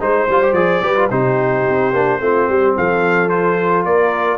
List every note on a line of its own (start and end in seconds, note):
0.00 0.28 G#3
0.00 0.28 D#4
0.00 0.83 C5
0.00 0.53 C5
0.29 0.53 G3
0.29 0.43 F4
0.43 0.55 G4
0.53 0.80 F3
0.53 0.82 G#4
0.53 1.08 D5
0.82 1.10 G3
0.82 0.96 G4
0.82 1.10 B4
0.96 1.10 F4
1.10 1.65 C3
1.10 1.93 D#4
1.10 2.20 G4
1.10 2.76 C5
1.69 1.93 C4
1.93 2.20 A#3
1.93 2.20 D4
2.20 2.47 A3
2.20 3.29 C4
2.20 2.49 F4
2.48 2.76 G3
2.48 2.77 G4
2.77 3.85 F3
2.77 3.87 A4
2.77 3.29 F5
3.29 4.38 F4
3.29 3.84 C5
3.85 4.38 A#3
3.85 4.38 A#4
3.85 4.38 D5